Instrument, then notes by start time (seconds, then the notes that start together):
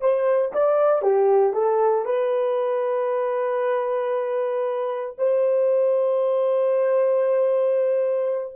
horn
0.00 C5
0.53 D5
1.02 G4
1.53 A4
2.05 B4
5.17 C5